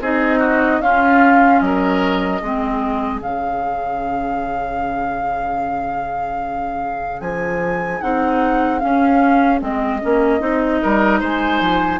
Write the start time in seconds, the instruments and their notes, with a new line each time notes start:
0.00 bassoon C4, clarinet D#4, oboe G#4, flute D#5
0.39 oboe F#4
0.80 bassoon C#4, clarinet C#4, oboe F4, flute F5
1.60 bassoon F#3, oboe A#4, flute D#5
2.42 bassoon G#3, clarinet C4, oboe G#4
3.20 bassoon C#3, clarinet C#4, flute F5
7.20 bassoon F3, flute G#5
8.01 bassoon C4, clarinet D#4, flute F#5
8.79 clarinet C#4, bassoon C#4, flute F5
9.60 bassoon G#3, clarinet C4, flute D#5
10.02 bassoon A#3, clarinet C#4
10.40 bassoon C4, clarinet D#4
10.82 bassoon G3, oboe A#4
11.20 bassoon G#3, oboe C5, flute G#5
11.60 bassoon F3